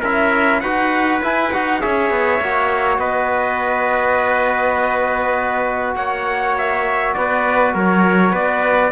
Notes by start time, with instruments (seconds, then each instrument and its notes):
0.00 cello C#4, trombone E4, trumpet A#4 E5
0.60 cello D#4, trombone F#4, trumpet B4 F#5
1.22 trombone E4, cello E4, trumpet G#5
1.52 cello D#4, trombone F#4, trumpet F#5
1.80 cello C#4, trombone G#4, trumpet C#5 E5
2.10 cello B3
2.41 cello A#3, trombone F#4
2.98 cello B3, trumpet B4 D#5
5.96 cello A#3, trumpet C#5 F#5
6.57 trumpet E5
7.14 cello B3, trumpet B4 D5
7.74 cello F#3, trumpet A#4 C#5
8.31 cello B3, trumpet B4 D5